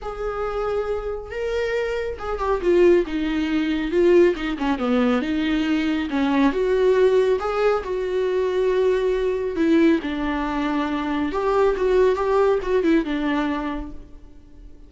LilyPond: \new Staff \with { instrumentName = "viola" } { \time 4/4 \tempo 4 = 138 gis'2. ais'4~ | ais'4 gis'8 g'8 f'4 dis'4~ | dis'4 f'4 dis'8 cis'8 b4 | dis'2 cis'4 fis'4~ |
fis'4 gis'4 fis'2~ | fis'2 e'4 d'4~ | d'2 g'4 fis'4 | g'4 fis'8 e'8 d'2 | }